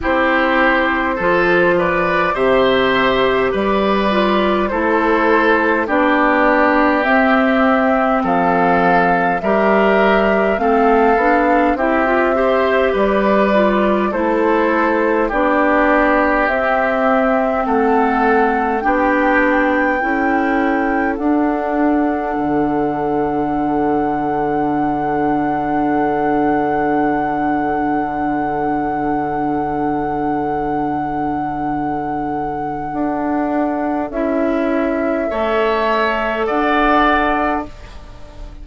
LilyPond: <<
  \new Staff \with { instrumentName = "flute" } { \time 4/4 \tempo 4 = 51 c''4. d''8 e''4 d''4 | c''4 d''4 e''4 f''4 | e''4 f''4 e''4 d''4 | c''4 d''4 e''4 fis''4 |
g''2 fis''2~ | fis''1~ | fis''1~ | fis''4 e''2 fis''4 | }
  \new Staff \with { instrumentName = "oboe" } { \time 4/4 g'4 a'8 b'8 c''4 b'4 | a'4 g'2 a'4 | ais'4 a'4 g'8 c''8 b'4 | a'4 g'2 a'4 |
g'4 a'2.~ | a'1~ | a'1~ | a'2 cis''4 d''4 | }
  \new Staff \with { instrumentName = "clarinet" } { \time 4/4 e'4 f'4 g'4. f'8 | e'4 d'4 c'2 | g'4 c'8 d'8 e'16 f'16 g'4 f'8 | e'4 d'4 c'2 |
d'4 e'4 d'2~ | d'1~ | d'1~ | d'4 e'4 a'2 | }
  \new Staff \with { instrumentName = "bassoon" } { \time 4/4 c'4 f4 c4 g4 | a4 b4 c'4 f4 | g4 a8 b8 c'4 g4 | a4 b4 c'4 a4 |
b4 cis'4 d'4 d4~ | d1~ | d1 | d'4 cis'4 a4 d'4 | }
>>